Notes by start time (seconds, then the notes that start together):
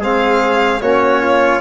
0.00 G#3 C4 G#4 F5
0.81 A#3 C#4 F#4 C#5
1.22 F4